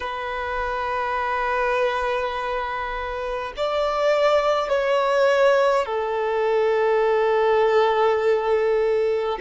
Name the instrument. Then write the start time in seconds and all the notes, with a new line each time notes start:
violin
0.00 B4
3.56 D5
4.68 C#5
5.85 A4